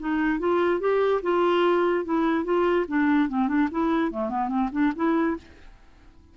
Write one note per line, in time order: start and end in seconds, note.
0.00 0.39 D#4
0.39 0.80 F4
0.80 1.21 G4
1.23 2.05 F4
2.05 2.45 E4
2.45 2.86 F4
2.88 3.29 D4
3.29 3.48 C4
3.48 3.69 D4
3.72 4.12 E4
4.12 4.29 A3
4.29 4.49 B3
4.49 4.69 C4
4.72 4.93 D4
4.96 5.37 E4